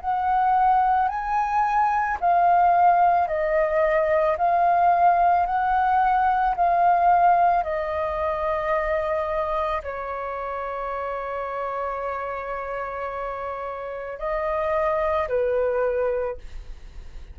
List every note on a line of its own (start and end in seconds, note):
0.00 1.08 F#5
1.08 2.17 G#5
2.20 3.27 F5
3.27 4.36 D#5
4.37 5.46 F5
5.46 6.55 F#5
6.56 7.63 F5
7.63 9.81 D#5
9.83 14.19 C#5
14.19 15.28 D#5
15.28 16.37 B4